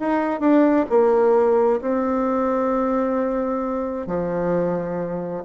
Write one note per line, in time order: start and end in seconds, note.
0.00 0.40 D#4
0.40 0.86 D4
0.90 1.81 A#3
1.82 4.07 C4
4.07 5.43 F3